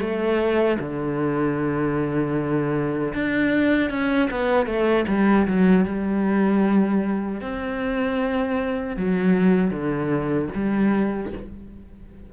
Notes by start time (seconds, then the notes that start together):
0.00 A3
0.79 D3
3.14 D4
3.90 C#4
4.30 B3
4.66 A3
5.08 G3
5.47 F#3
5.85 G3
7.41 C4
8.97 F#3
9.70 D3
10.55 G3